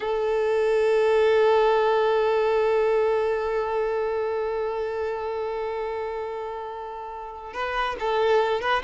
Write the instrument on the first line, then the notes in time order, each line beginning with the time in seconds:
violin
0.00 A4
7.53 B4
7.99 A4
8.60 B4